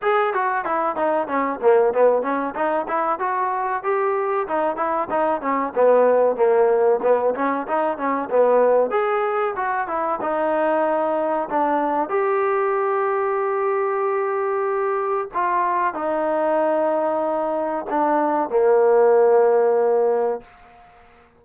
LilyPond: \new Staff \with { instrumentName = "trombone" } { \time 4/4 \tempo 4 = 94 gis'8 fis'8 e'8 dis'8 cis'8 ais8 b8 cis'8 | dis'8 e'8 fis'4 g'4 dis'8 e'8 | dis'8 cis'8 b4 ais4 b8 cis'8 | dis'8 cis'8 b4 gis'4 fis'8 e'8 |
dis'2 d'4 g'4~ | g'1 | f'4 dis'2. | d'4 ais2. | }